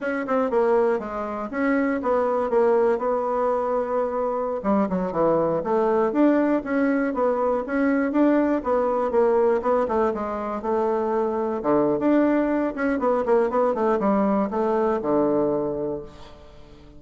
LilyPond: \new Staff \with { instrumentName = "bassoon" } { \time 4/4 \tempo 4 = 120 cis'8 c'8 ais4 gis4 cis'4 | b4 ais4 b2~ | b4~ b16 g8 fis8 e4 a8.~ | a16 d'4 cis'4 b4 cis'8.~ |
cis'16 d'4 b4 ais4 b8 a16~ | a16 gis4 a2 d8. | d'4. cis'8 b8 ais8 b8 a8 | g4 a4 d2 | }